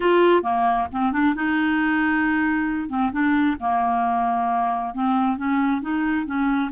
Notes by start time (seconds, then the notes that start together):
0.00 F4
0.42 A#3
0.91 C4
1.12 D4
1.35 D#4
2.89 C4
3.12 D4
3.59 A#3
4.94 C4
5.37 C#4
5.81 D#4
6.26 C#4